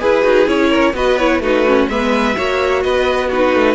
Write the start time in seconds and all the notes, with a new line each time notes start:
0.00 E4 G#4 B4
0.22 D#4 F#4
0.47 C#4 E4 C#5
0.70 A#4
0.94 B3 F#4 B4 D#5
1.18 E4 C#5
1.40 A3 D#4 F#4 B4
1.66 C#4
1.88 G#3 B3 B4 E5
2.34 A#3 F#4 C#5
2.83 B3 B4 D#5
3.28 D#4 F#4 B4
3.55 A3